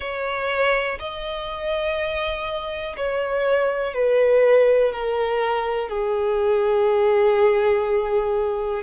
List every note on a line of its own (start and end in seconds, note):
0.00 0.98 C#5
0.99 2.96 D#5
2.96 3.93 C#5
3.93 4.92 B4
4.92 5.88 A#4
5.88 8.83 G#4